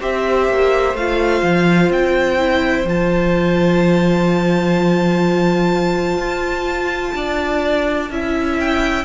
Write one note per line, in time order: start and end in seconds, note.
0.00 0.49 C4
0.00 0.95 G4
0.00 7.15 C5
0.00 0.97 E5
0.49 0.94 A#3
0.94 1.42 A3
0.94 2.39 F4
0.94 1.92 F5
1.42 1.90 F3
1.90 2.85 C4
1.90 2.88 G5
2.39 2.86 E4
2.85 6.17 F3
2.85 8.11 F4
2.85 8.60 A5
6.17 7.12 F4
7.15 8.10 D4
7.15 8.11 D5
8.10 9.05 C#4
8.10 9.05 E4
8.10 9.05 E5
8.60 9.05 G5